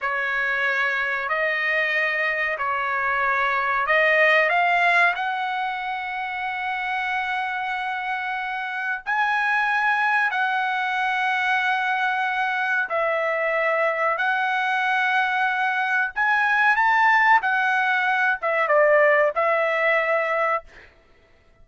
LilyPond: \new Staff \with { instrumentName = "trumpet" } { \time 4/4 \tempo 4 = 93 cis''2 dis''2 | cis''2 dis''4 f''4 | fis''1~ | fis''2 gis''2 |
fis''1 | e''2 fis''2~ | fis''4 gis''4 a''4 fis''4~ | fis''8 e''8 d''4 e''2 | }